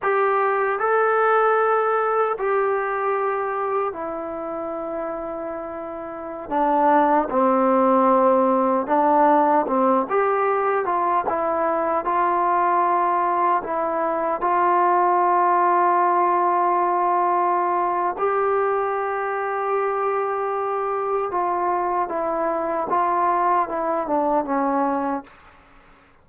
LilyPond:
\new Staff \with { instrumentName = "trombone" } { \time 4/4 \tempo 4 = 76 g'4 a'2 g'4~ | g'4 e'2.~ | e'16 d'4 c'2 d'8.~ | d'16 c'8 g'4 f'8 e'4 f'8.~ |
f'4~ f'16 e'4 f'4.~ f'16~ | f'2. g'4~ | g'2. f'4 | e'4 f'4 e'8 d'8 cis'4 | }